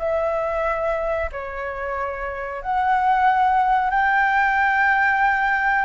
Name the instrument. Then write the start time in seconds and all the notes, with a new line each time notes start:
flute
0.00 E5
1.33 C#5
2.63 F#5
3.91 G5